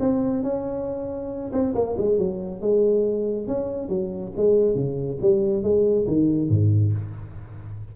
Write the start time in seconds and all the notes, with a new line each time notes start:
0.00 C4
0.43 C#4
1.52 C4
1.75 A#3
1.98 G#3
2.18 F#3
2.61 G#3
3.47 C#4
3.89 F#3
4.37 G#3
4.75 C#3
5.21 G3
5.63 G#3
6.07 D#3
6.49 G#2